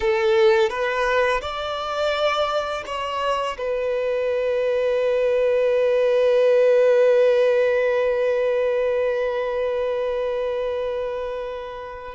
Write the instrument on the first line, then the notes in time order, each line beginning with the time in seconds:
violin
0.00 A4
0.69 B4
1.41 D5
2.86 C#5
3.57 B4